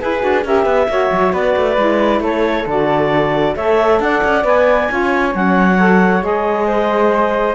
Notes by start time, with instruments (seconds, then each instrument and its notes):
0.00 saxophone E4, cello E4, flute G#4, clarinet B4
0.21 cello D4, saxophone F#4
0.45 cello C#4, saxophone G4, flute A#4, clarinet E5
0.64 cello B3, flute B4
0.89 cello A#3, saxophone F#4, flute C#5
1.12 cello F#3
1.33 cello B3, flute B4, clarinet D5
1.56 cello A3
1.77 cello G#3, saxophone E4
2.20 cello A3, flute A4, clarinet C#5
2.66 cello D3, saxophone F#4, clarinet D5
3.56 cello A3, saxophone A4, flute C#5, clarinet E5
4.00 cello D4, flute D5, clarinet F#5
4.24 cello C#4
4.43 cello B3, saxophone B4, clarinet G#5
4.89 cello C#4, saxophone F4, flute C#5
5.32 cello F#3, saxophone C#4, clarinet F#5
5.79 saxophone A4
6.21 cello G#3, saxophone G#4, clarinet D#5
6.67 flute C5